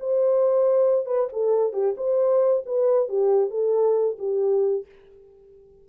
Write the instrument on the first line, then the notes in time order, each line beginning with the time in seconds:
horn
0.00 C5
1.06 B4
1.33 A4
1.73 G4
1.97 C5
2.66 B4
3.09 G4
3.51 A4
4.19 G4